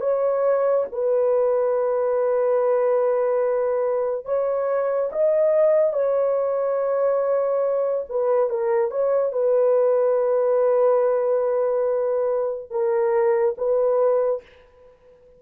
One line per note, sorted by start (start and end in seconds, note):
0.00 0.85 C#5
0.92 4.25 B4
4.25 5.10 C#5
5.12 5.93 D#5
5.93 8.04 C#5
8.09 8.49 B4
8.49 8.91 A#4
8.91 9.32 C#5
9.32 12.70 B4
12.70 13.55 A#4
13.57 14.42 B4